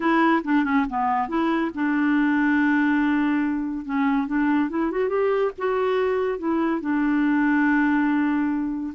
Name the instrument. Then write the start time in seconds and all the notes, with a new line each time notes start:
clarinet
0.00 E4
0.44 D4
0.64 C#4
0.89 B3
1.28 E4
1.74 D4
3.85 C#4
4.27 D4
4.69 E4
4.91 F#4
5.09 G4
5.58 F#4
6.38 E4
6.80 D4